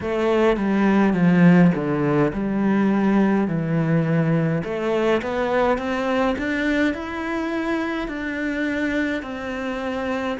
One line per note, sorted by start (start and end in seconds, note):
0.00 0.57 A3
0.57 1.13 G3
1.13 1.71 F3
1.74 2.32 D3
2.33 3.47 G3
3.47 4.63 E3
4.64 5.21 A3
5.22 5.77 B3
5.77 6.35 C4
6.38 6.94 D4
6.94 8.08 E4
8.08 9.22 D4
9.22 10.37 C4